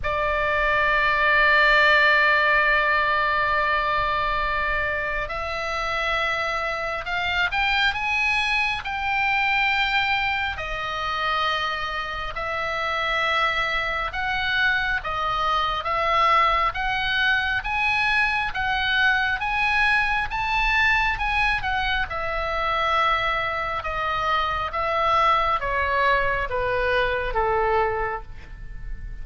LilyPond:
\new Staff \with { instrumentName = "oboe" } { \time 4/4 \tempo 4 = 68 d''1~ | d''2 e''2 | f''8 g''8 gis''4 g''2 | dis''2 e''2 |
fis''4 dis''4 e''4 fis''4 | gis''4 fis''4 gis''4 a''4 | gis''8 fis''8 e''2 dis''4 | e''4 cis''4 b'4 a'4 | }